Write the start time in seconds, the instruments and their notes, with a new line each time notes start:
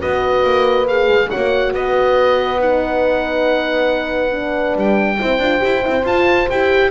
0.00 double bass B3, horn F#4 B4, oboe D#5
0.44 double bass A#3
0.87 horn G#4, oboe F5
1.08 double bass G#3
1.30 double bass A#3, horn F#4 C#5, oboe F#5
1.73 double bass B3, horn B4, oboe D#5
2.60 horn D#4, oboe F#5
4.31 horn D4
4.75 double bass G3, oboe G5
5.19 double bass C4, horn E4 C5
5.39 double bass D4, horn F4
5.59 double bass E4, horn G4
5.83 double bass C4, horn E4
6.04 double bass F4, horn F4, oboe A5
6.50 double bass E4, horn G4, oboe G5